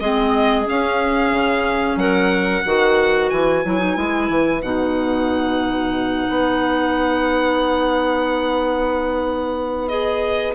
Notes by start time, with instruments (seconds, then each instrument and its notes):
0.00 bassoon G#3, clarinet C4 G#4, violin D#5
0.65 clarinet C#4, bassoon C#4, violin F5
1.33 bassoon C#3
1.96 bassoon F#3, clarinet A#4, violin F#5
2.65 bassoon D#3, clarinet F#4 B4
3.30 bassoon E3, violin G#5
3.65 bassoon F#3, clarinet E4
3.79 clarinet D#4
3.96 bassoon G#3, clarinet E4
4.30 bassoon E3
4.62 bassoon B2, clarinet D#4, violin F#5
6.29 bassoon B3
9.88 clarinet G#4, violin D#5